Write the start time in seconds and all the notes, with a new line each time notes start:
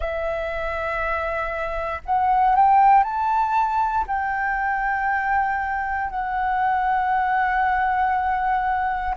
0.00 E5
2.05 F#5
2.55 G5
3.03 A5
4.07 G5
6.10 F#5